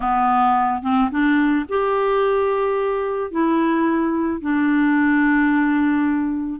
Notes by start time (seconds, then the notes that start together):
0.00 B3
0.82 C4
1.10 D4
1.69 G4
3.31 E4
4.41 D4